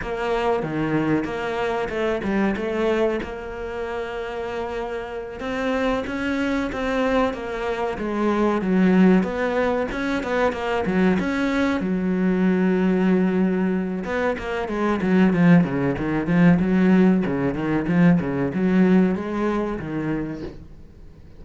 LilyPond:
\new Staff \with { instrumentName = "cello" } { \time 4/4 \tempo 4 = 94 ais4 dis4 ais4 a8 g8 | a4 ais2.~ | ais8 c'4 cis'4 c'4 ais8~ | ais8 gis4 fis4 b4 cis'8 |
b8 ais8 fis8 cis'4 fis4.~ | fis2 b8 ais8 gis8 fis8 | f8 cis8 dis8 f8 fis4 cis8 dis8 | f8 cis8 fis4 gis4 dis4 | }